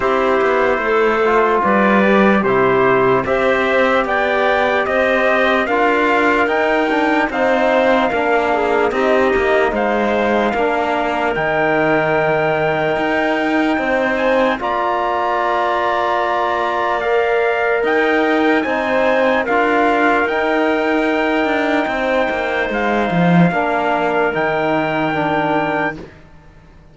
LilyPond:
<<
  \new Staff \with { instrumentName = "trumpet" } { \time 4/4 \tempo 4 = 74 c''2 d''4 c''4 | e''4 g''4 dis''4 f''4 | g''4 f''2 dis''4 | f''2 g''2~ |
g''4. gis''8 ais''2~ | ais''4 f''4 g''4 gis''4 | f''4 g''2. | f''2 g''2 | }
  \new Staff \with { instrumentName = "clarinet" } { \time 4/4 g'4 a'4 b'4 g'4 | c''4 d''4 c''4 ais'4~ | ais'4 c''4 ais'8 gis'8 g'4 | c''4 ais'2.~ |
ais'4 c''4 d''2~ | d''2 dis''4 c''4 | ais'2. c''4~ | c''4 ais'2. | }
  \new Staff \with { instrumentName = "trombone" } { \time 4/4 e'4. f'4 g'8 e'4 | g'2. f'4 | dis'8 d'8 dis'4 d'4 dis'4~ | dis'4 d'4 dis'2~ |
dis'2 f'2~ | f'4 ais'2 dis'4 | f'4 dis'2.~ | dis'4 d'4 dis'4 d'4 | }
  \new Staff \with { instrumentName = "cello" } { \time 4/4 c'8 b8 a4 g4 c4 | c'4 b4 c'4 d'4 | dis'4 c'4 ais4 c'8 ais8 | gis4 ais4 dis2 |
dis'4 c'4 ais2~ | ais2 dis'4 c'4 | d'4 dis'4. d'8 c'8 ais8 | gis8 f8 ais4 dis2 | }
>>